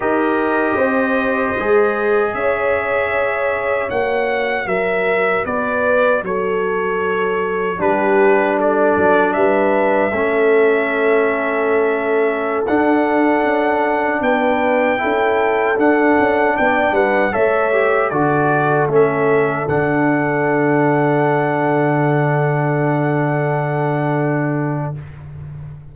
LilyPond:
<<
  \new Staff \with { instrumentName = "trumpet" } { \time 4/4 \tempo 4 = 77 dis''2. e''4~ | e''4 fis''4 e''4 d''4 | cis''2 b'4 d''4 | e''1~ |
e''16 fis''2 g''4.~ g''16~ | g''16 fis''4 g''8 fis''8 e''4 d''8.~ | d''16 e''4 fis''2~ fis''8.~ | fis''1 | }
  \new Staff \with { instrumentName = "horn" } { \time 4/4 ais'4 c''2 cis''4~ | cis''2 ais'4 b'4 | a'2 g'4 a'4 | b'4 a'2.~ |
a'2~ a'16 b'4 a'8.~ | a'4~ a'16 d''8 b'8 cis''4 a'8.~ | a'1~ | a'1 | }
  \new Staff \with { instrumentName = "trombone" } { \time 4/4 g'2 gis'2~ | gis'4 fis'2.~ | fis'2 d'2~ | d'4 cis'2.~ |
cis'16 d'2. e'8.~ | e'16 d'2 a'8 g'8 fis'8.~ | fis'16 cis'4 d'2~ d'8.~ | d'1 | }
  \new Staff \with { instrumentName = "tuba" } { \time 4/4 dis'4 c'4 gis4 cis'4~ | cis'4 ais4 fis4 b4 | fis2 g4. fis8 | g4 a2.~ |
a16 d'4 cis'4 b4 cis'8.~ | cis'16 d'8 cis'8 b8 g8 a4 d8.~ | d16 a4 d2~ d8.~ | d1 | }
>>